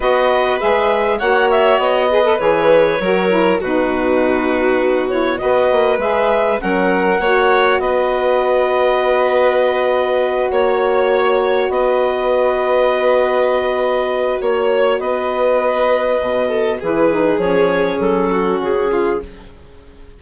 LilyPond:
<<
  \new Staff \with { instrumentName = "clarinet" } { \time 4/4 \tempo 4 = 100 dis''4 e''4 fis''8 e''8 dis''4 | cis''2 b'2~ | b'8 cis''8 dis''4 e''4 fis''4~ | fis''4 dis''2.~ |
dis''4. cis''2 dis''8~ | dis''1 | cis''4 dis''2. | b'4 cis''4 a'4 gis'4 | }
  \new Staff \with { instrumentName = "violin" } { \time 4/4 b'2 cis''4. b'8~ | b'4 ais'4 fis'2~ | fis'4 b'2 ais'4 | cis''4 b'2.~ |
b'4. cis''2 b'8~ | b'1 | cis''4 b'2~ b'8 a'8 | gis'2~ gis'8 fis'4 f'8 | }
  \new Staff \with { instrumentName = "saxophone" } { \time 4/4 fis'4 gis'4 fis'4. gis'16 a'16 | gis'4 fis'8 e'8 dis'2~ | dis'8 e'8 fis'4 gis'4 cis'4 | fis'1~ |
fis'1~ | fis'1~ | fis'1 | e'8 dis'8 cis'2. | }
  \new Staff \with { instrumentName = "bassoon" } { \time 4/4 b4 gis4 ais4 b4 | e4 fis4 b,2~ | b,4 b8 ais8 gis4 fis4 | ais4 b2.~ |
b4. ais2 b8~ | b1 | ais4 b2 b,4 | e4 f4 fis4 cis4 | }
>>